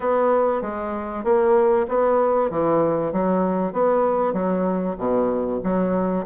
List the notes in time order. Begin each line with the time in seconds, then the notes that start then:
0.00 B3
0.61 G#3
1.24 A#3
1.88 B3
2.50 E3
3.12 F#3
3.72 B3
4.33 F#3
4.97 B2
5.63 F#3